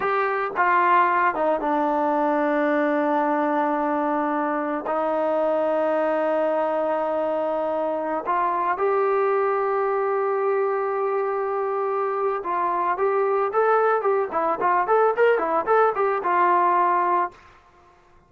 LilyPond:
\new Staff \with { instrumentName = "trombone" } { \time 4/4 \tempo 4 = 111 g'4 f'4. dis'8 d'4~ | d'1~ | d'4 dis'2.~ | dis'2.~ dis'16 f'8.~ |
f'16 g'2.~ g'8.~ | g'2. f'4 | g'4 a'4 g'8 e'8 f'8 a'8 | ais'8 e'8 a'8 g'8 f'2 | }